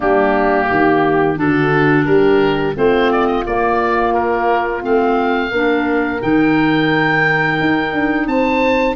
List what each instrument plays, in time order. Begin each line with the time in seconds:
0.00 tuba G3, clarinet A#3, horn D4, oboe G4
0.68 tuba D#3, horn G4
1.35 tuba D3, clarinet D4, horn F#4, oboe A4
2.05 tuba G3, horn G4, oboe A#4
2.75 tuba A3, clarinet C4, horn F4, oboe C5
3.11 oboe D5
3.26 oboe D#5
3.46 tuba A#3, clarinet A#3, oboe D5
4.13 oboe A#4
4.81 tuba A3, clarinet C4, oboe F5
5.50 tuba A#3, clarinet D4, horn A#4
6.20 tuba D#3, clarinet D#4, oboe G5
7.60 tuba D#4
7.92 tuba D4
8.26 tuba C4, horn C5, oboe A5